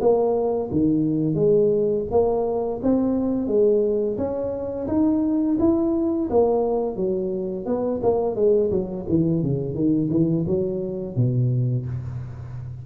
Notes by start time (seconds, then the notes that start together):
0.00 A#3
0.71 D#3
1.34 G#3
2.11 A#3
2.82 C4
3.47 G#3
4.17 C#4
4.87 D#4
5.59 E4
6.29 A#3
6.96 F#3
7.66 B3
8.02 A#3
8.35 G#3
8.70 F#3
9.09 E3
9.42 C#3
9.74 D#3
10.10 E3
10.46 F#3
11.16 B2